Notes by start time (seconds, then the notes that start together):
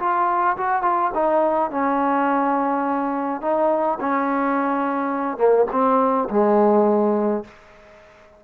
0.00 F4
0.57 F#4
0.83 F4
1.15 D#4
1.71 C#4
3.42 D#4
4.01 C#4
5.38 A#3
5.72 C4
6.30 G#3